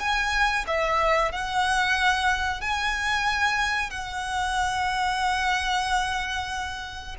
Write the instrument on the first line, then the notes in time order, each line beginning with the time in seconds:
violin
0.00 G#5
0.67 E5
1.32 F#5
2.61 G#5
3.90 F#5